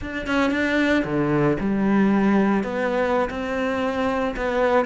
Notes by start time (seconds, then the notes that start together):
0.01 D4
0.26 C#4
0.50 D4
1.04 D3
1.60 G3
2.63 B3
3.29 C4
4.36 B3